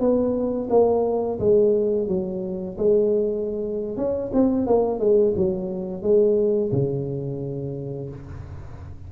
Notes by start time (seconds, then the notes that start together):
0.00 B3
0.70 A#3
1.40 G#3
2.08 F#3
2.78 G#3
3.97 C#4
4.34 C4
4.67 A#3
5.00 G#3
5.37 F#3
6.03 G#3
6.72 C#3